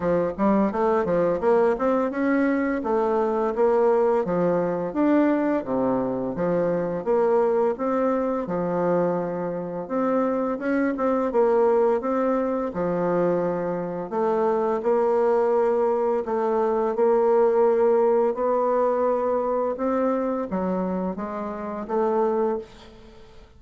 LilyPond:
\new Staff \with { instrumentName = "bassoon" } { \time 4/4 \tempo 4 = 85 f8 g8 a8 f8 ais8 c'8 cis'4 | a4 ais4 f4 d'4 | c4 f4 ais4 c'4 | f2 c'4 cis'8 c'8 |
ais4 c'4 f2 | a4 ais2 a4 | ais2 b2 | c'4 fis4 gis4 a4 | }